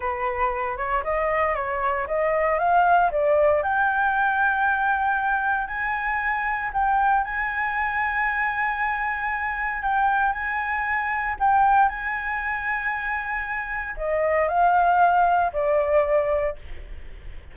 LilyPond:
\new Staff \with { instrumentName = "flute" } { \time 4/4 \tempo 4 = 116 b'4. cis''8 dis''4 cis''4 | dis''4 f''4 d''4 g''4~ | g''2. gis''4~ | gis''4 g''4 gis''2~ |
gis''2. g''4 | gis''2 g''4 gis''4~ | gis''2. dis''4 | f''2 d''2 | }